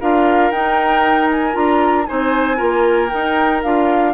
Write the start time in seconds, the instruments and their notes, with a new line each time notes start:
0.00 bassoon D4, clarinet F4, oboe A#4, flute F5
0.51 bassoon D#4, clarinet D#4, flute G5
1.31 flute G#5
1.52 bassoon D4, clarinet F4, flute A#5
2.06 bassoon C4, clarinet D#4, oboe C5, flute G#5
2.57 bassoon A#3, clarinet F4, oboe A#4
3.09 clarinet D#4, bassoon D#4, flute G5
3.62 bassoon D4, clarinet F4, flute F5